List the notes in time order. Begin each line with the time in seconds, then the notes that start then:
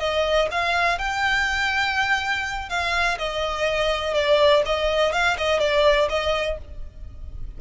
0.00 D#5
0.52 F5
0.99 G5
2.70 F5
3.19 D#5
4.14 D5
4.66 D#5
5.13 F5
5.38 D#5
5.60 D5
6.10 D#5